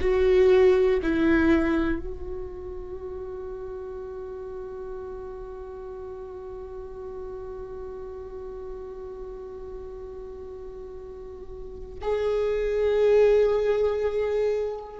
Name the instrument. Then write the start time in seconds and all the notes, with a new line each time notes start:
viola
0.00 F#4
1.02 E4
1.99 F#4
12.00 G#4